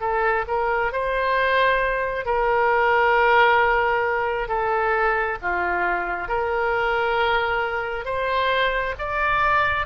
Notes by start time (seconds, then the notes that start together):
0.00 A4
0.47 A#4
0.92 C5
2.25 A#4
4.48 A4
5.41 F4
6.28 A#4
8.05 C5
8.98 D5